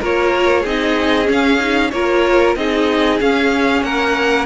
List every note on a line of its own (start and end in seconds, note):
0.00 0.65 A#3
0.00 0.65 F4
0.00 0.61 A#4
0.00 0.66 C#5
0.61 1.29 C4
0.61 1.25 D#4
0.61 1.89 G#4
0.61 1.30 D#5
1.25 1.57 C#4
1.25 1.92 C#4
1.32 1.91 F5
1.60 1.92 D#4
1.91 2.56 A#3
1.91 2.58 F4
1.91 2.57 A#4
1.91 2.55 C#5
2.56 3.20 C4
2.56 3.21 D#4
2.56 3.85 G#4
2.56 3.20 D#5
3.21 3.83 C#4
3.21 4.46 C#4
3.21 3.84 F5
3.83 4.46 A#3
3.83 4.46 A#4
3.83 4.46 F#5